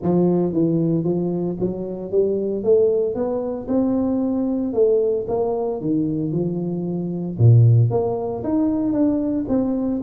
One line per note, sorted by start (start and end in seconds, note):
0.02 0.53 F3
0.53 1.04 E3
1.04 1.56 F3
1.59 2.11 F#3
2.11 2.63 G3
2.63 3.14 A3
3.14 3.67 B3
3.67 4.73 C4
4.73 5.26 A3
5.28 5.80 A#3
5.80 6.32 D#3
6.32 7.37 F3
7.38 7.90 A#2
7.90 8.43 A#3
8.43 8.92 D#4
8.92 9.45 D4
9.48 10.01 C4